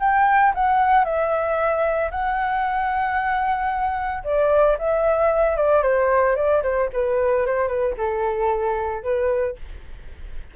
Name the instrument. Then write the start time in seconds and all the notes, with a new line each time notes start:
flute
0.00 G5
0.55 F#5
1.05 E5
2.11 F#5
4.24 D5
4.78 E5
5.57 D5
5.83 C5
6.36 D5
6.63 C5
6.93 B4
7.46 C5
7.68 B4
7.98 A4
9.03 B4